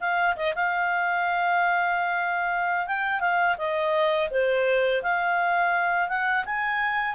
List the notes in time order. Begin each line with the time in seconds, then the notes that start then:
0.00 F5
0.36 D#5
0.55 F5
2.87 G5
3.20 F5
3.58 D#5
4.31 C5
5.03 F5
6.08 F#5
6.45 G#5